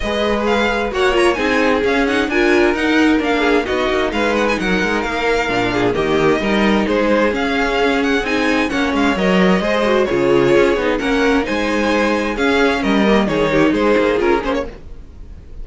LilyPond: <<
  \new Staff \with { instrumentName = "violin" } { \time 4/4 \tempo 4 = 131 dis''4 f''4 fis''8 ais''8 gis''4 | f''8 fis''8 gis''4 fis''4 f''4 | dis''4 f''8 fis''16 gis''16 fis''4 f''4~ | f''4 dis''2 c''4 |
f''4. fis''8 gis''4 fis''8 f''8 | dis''2 cis''2 | fis''4 gis''2 f''4 | dis''4 cis''4 c''4 ais'8 c''16 cis''16 | }
  \new Staff \with { instrumentName = "violin" } { \time 4/4 b'2 cis''4 gis'4~ | gis'4 ais'2~ ais'8 gis'8 | fis'4 b'4 ais'2~ | ais'8 gis'8 g'4 ais'4 gis'4~ |
gis'2. cis''4~ | cis''4 c''4 gis'2 | ais'4 c''2 gis'4 | ais'4 gis'8 g'8 gis'2 | }
  \new Staff \with { instrumentName = "viola" } { \time 4/4 gis'2 fis'8 f'8 dis'4 | cis'8 dis'8 f'4 dis'4 d'4 | dis'1 | d'4 ais4 dis'2 |
cis'2 dis'4 cis'4 | ais'4 gis'8 fis'8 f'4. dis'8 | cis'4 dis'2 cis'4~ | cis'8 ais8 dis'2 f'8 cis'8 | }
  \new Staff \with { instrumentName = "cello" } { \time 4/4 gis2 ais4 c'4 | cis'4 d'4 dis'4 ais4 | b8 ais8 gis4 fis8 gis8 ais4 | ais,4 dis4 g4 gis4 |
cis'2 c'4 ais8 gis8 | fis4 gis4 cis4 cis'8 b8 | ais4 gis2 cis'4 | g4 dis4 gis8 ais8 cis'8 ais8 | }
>>